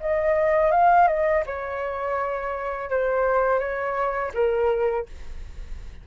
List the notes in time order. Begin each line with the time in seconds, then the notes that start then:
0.00 D#5
0.71 F5
1.07 D#5
1.46 C#5
2.90 C5
3.59 C#5
4.33 A#4